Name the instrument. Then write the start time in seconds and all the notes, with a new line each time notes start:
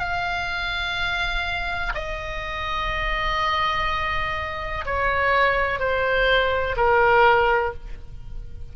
oboe
0.00 F5
1.95 D#5
4.86 C#5
5.80 C5
6.77 A#4